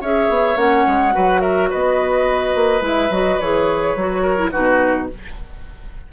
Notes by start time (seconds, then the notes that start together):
0.00 C#4 G#4 C#5 E5
0.29 B3
0.55 A#3 C#4 F#5
0.86 G#3
1.11 F#3 F#4 B4
1.41 A#4 E5
1.70 B3 B4 D#5
2.55 A#3
2.81 G#3 E4 E5
3.10 F#3 F#4 D#5
3.40 E3 G#4 C#5
3.95 F#3 F#4
4.22 A#4
4.37 E4
4.50 B2 D#4 F#4 B4